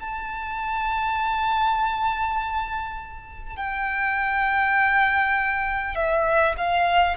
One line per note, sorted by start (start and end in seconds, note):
0.00 3.57 A5
3.57 5.96 G5
5.96 6.56 E5
6.57 7.17 F5